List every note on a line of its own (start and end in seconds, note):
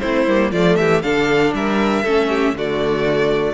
0.00 0.27 A3
0.00 0.27 C4
0.00 0.52 E4
0.00 0.51 C5
0.27 0.52 G3
0.27 0.53 A#3
0.52 0.77 F3
0.52 1.03 A3
0.52 0.78 F4
0.52 0.76 D5
0.76 1.03 E3
0.76 1.04 G4
0.76 1.02 E5
1.02 1.53 D3
1.02 2.05 D4
1.02 1.55 A4
1.02 1.53 F5
1.53 2.04 G3
1.53 2.03 A#4
1.53 2.57 E5
2.03 2.53 A3
2.03 2.56 C#4
2.03 2.28 A4
2.29 2.54 G4
2.53 3.54 D3
2.53 3.54 A3
2.53 3.54 F#4
2.53 3.54 D5